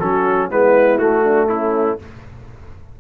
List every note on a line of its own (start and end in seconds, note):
0.00 0.52 F#3
0.00 0.51 C#4
0.00 0.50 F#4
0.00 0.50 A4
0.50 0.99 G#3
0.50 1.00 B3
0.50 1.24 E4
0.50 0.99 B4
0.99 1.99 A3
0.99 2.00 A3
0.99 1.49 F#4
1.24 1.49 D4
1.49 2.00 C#4
1.49 1.99 E4